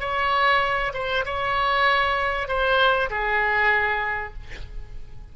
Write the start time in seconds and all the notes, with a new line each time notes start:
0.00 C#5
0.93 C5
1.25 C#5
2.48 C5
3.10 G#4